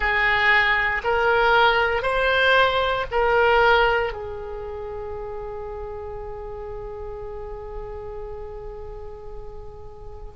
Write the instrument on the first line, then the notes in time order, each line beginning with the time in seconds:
oboe
0.00 G#4
1.03 A#4
2.02 C5
3.11 A#4
4.12 G#4